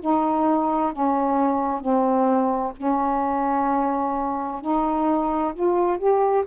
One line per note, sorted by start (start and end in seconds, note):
0.00 0.92 D#4
0.92 1.80 C#4
1.80 2.72 C4
2.77 4.61 C#4
4.61 5.53 D#4
5.54 5.98 F4
5.98 6.44 G4